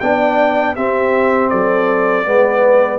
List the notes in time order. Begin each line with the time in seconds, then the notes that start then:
0.00 B3 D4 D5 G5
0.75 C4 G4 E5
1.49 F#3 A4 D5
2.25 G#3 B3 B4